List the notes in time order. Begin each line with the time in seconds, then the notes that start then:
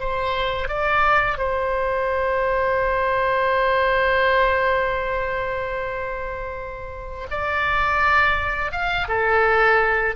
0.00 C5
0.68 D5
1.38 C5
7.31 D5
8.72 F5
9.08 A4